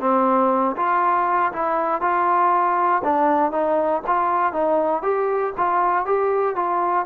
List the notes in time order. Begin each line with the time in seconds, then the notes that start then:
0.00 C4
0.76 F4
1.52 E4
2.01 F4
3.04 D4
3.52 D#4
4.07 F4
4.53 D#4
5.03 G4
5.57 F4
6.06 G4
6.56 F4